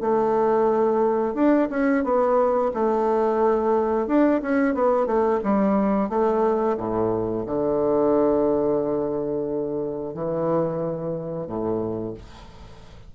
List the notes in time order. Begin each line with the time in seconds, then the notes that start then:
0.00 A3
1.34 D4
1.70 C#4
2.04 B3
2.74 A3
4.07 D4
4.42 C#4
4.74 B3
5.06 A3
5.43 G3
6.09 A3
6.77 A2
7.46 D3
10.13 E3
11.46 A2